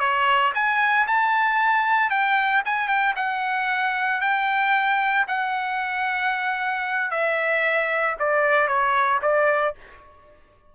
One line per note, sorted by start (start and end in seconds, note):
0.00 0.53 C#5
0.55 1.07 G#5
1.08 2.10 A5
2.10 2.63 G5
2.66 2.88 G#5
2.88 3.15 G5
3.16 4.21 F#5
4.21 5.27 G5
5.28 7.11 F#5
7.11 8.17 E5
8.20 8.68 D5
8.68 9.21 C#5
9.22 9.75 D5